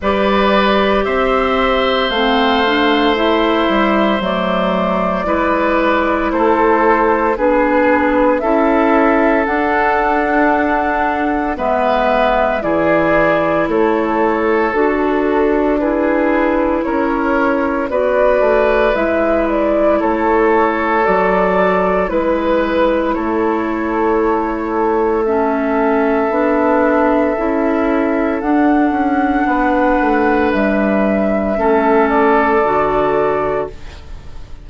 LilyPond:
<<
  \new Staff \with { instrumentName = "flute" } { \time 4/4 \tempo 4 = 57 d''4 e''4 f''4 e''4 | d''2 c''4 b'4 | e''4 fis''2 e''4 | d''4 cis''4 a'4 b'4 |
cis''4 d''4 e''8 d''8 cis''4 | d''4 b'4 cis''2 | e''2. fis''4~ | fis''4 e''4. d''4. | }
  \new Staff \with { instrumentName = "oboe" } { \time 4/4 b'4 c''2.~ | c''4 b'4 a'4 gis'4 | a'2. b'4 | gis'4 a'2 gis'4 |
ais'4 b'2 a'4~ | a'4 b'4 a'2~ | a'1 | b'2 a'2 | }
  \new Staff \with { instrumentName = "clarinet" } { \time 4/4 g'2 c'8 d'8 e'4 | a4 e'2 d'4 | e'4 d'2 b4 | e'2 fis'4 e'4~ |
e'4 fis'4 e'2 | fis'4 e'2. | cis'4 d'4 e'4 d'4~ | d'2 cis'4 fis'4 | }
  \new Staff \with { instrumentName = "bassoon" } { \time 4/4 g4 c'4 a4. g8 | fis4 gis4 a4 b4 | cis'4 d'2 gis4 | e4 a4 d'2 |
cis'4 b8 a8 gis4 a4 | fis4 gis4 a2~ | a4 b4 cis'4 d'8 cis'8 | b8 a8 g4 a4 d4 | }
>>